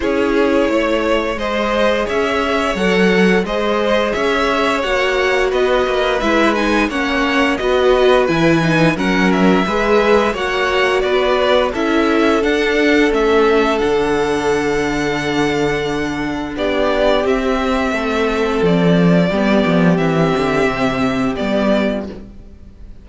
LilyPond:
<<
  \new Staff \with { instrumentName = "violin" } { \time 4/4 \tempo 4 = 87 cis''2 dis''4 e''4 | fis''4 dis''4 e''4 fis''4 | dis''4 e''8 gis''8 fis''4 dis''4 | gis''4 fis''8 e''4. fis''4 |
d''4 e''4 fis''4 e''4 | fis''1 | d''4 e''2 d''4~ | d''4 e''2 d''4 | }
  \new Staff \with { instrumentName = "violin" } { \time 4/4 gis'4 cis''4 c''4 cis''4~ | cis''4 c''4 cis''2 | b'2 cis''4 b'4~ | b'4 ais'4 b'4 cis''4 |
b'4 a'2.~ | a'1 | g'2 a'2 | g'2.~ g'8. f'16 | }
  \new Staff \with { instrumentName = "viola" } { \time 4/4 e'2 gis'2 | a'4 gis'2 fis'4~ | fis'4 e'8 dis'8 cis'4 fis'4 | e'8 dis'8 cis'4 gis'4 fis'4~ |
fis'4 e'4 d'4 cis'4 | d'1~ | d'4 c'2. | b4 c'2 b4 | }
  \new Staff \with { instrumentName = "cello" } { \time 4/4 cis'4 a4 gis4 cis'4 | fis4 gis4 cis'4 ais4 | b8 ais8 gis4 ais4 b4 | e4 fis4 gis4 ais4 |
b4 cis'4 d'4 a4 | d1 | b4 c'4 a4 f4 | g8 f8 e8 d8 c4 g4 | }
>>